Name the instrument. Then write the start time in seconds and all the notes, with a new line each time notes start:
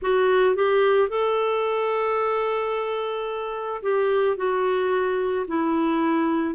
clarinet
0.01 F#4
0.55 G4
1.09 A4
3.82 G4
4.36 F#4
5.47 E4